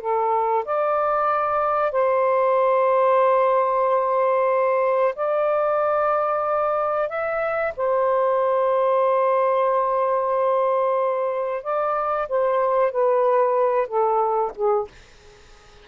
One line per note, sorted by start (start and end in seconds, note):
0.00 0.65 A4
0.65 1.92 D5
1.92 5.14 C5
5.15 7.09 D5
7.09 7.73 E5
7.76 11.63 C5
11.63 12.28 D5
12.28 12.92 C5
12.92 13.87 B4
13.87 14.52 A4
14.55 14.87 G#4